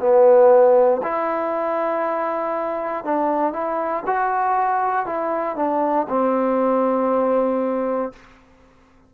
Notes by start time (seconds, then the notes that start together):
0.00 B3
1.03 E4
3.05 D4
3.53 E4
4.07 F#4
5.07 E4
5.56 D4
6.09 C4